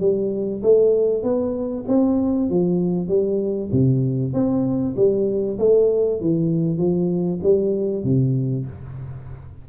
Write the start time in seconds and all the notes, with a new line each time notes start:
0.00 G3
0.63 A3
1.23 B3
1.88 C4
2.50 F3
3.09 G3
3.72 C3
4.34 C4
4.97 G3
5.59 A3
6.21 E3
6.78 F3
7.43 G3
8.04 C3